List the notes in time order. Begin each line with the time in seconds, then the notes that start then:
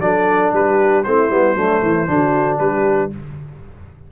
0.00 F#3 D4 A4 D5
0.53 G3 G4 B4
1.03 A3 C4 E4 C5
1.30 G3 B3
1.55 F#3 A3 D4
1.82 E3 E4
2.07 D3 D4 F#4
2.59 G3 G4 B4